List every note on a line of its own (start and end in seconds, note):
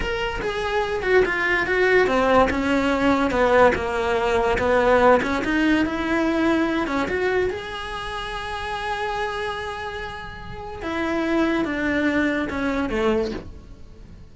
0.00 0.40 A#4
0.41 1.02 G#4
1.02 1.23 F#4
1.25 1.66 F4
1.66 2.07 F#4
2.07 2.48 C4
2.49 3.30 C#4
3.30 3.72 B3
3.74 4.58 A#3
4.58 5.20 B3
5.22 5.43 C#4
5.44 5.85 D#4
5.85 6.87 E4
6.87 7.08 C#4
7.08 7.50 F#4
7.50 10.82 G#4
10.82 11.65 E4
11.65 12.48 D4
12.49 12.89 C#4
12.89 13.31 A3